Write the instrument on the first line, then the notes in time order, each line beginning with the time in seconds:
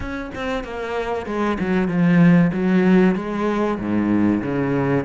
cello
0.00 C#4
0.34 C4
0.63 A#3
1.26 G#3
1.59 F#3
1.88 F3
2.52 F#3
3.15 G#3
3.78 G#2
4.42 C#3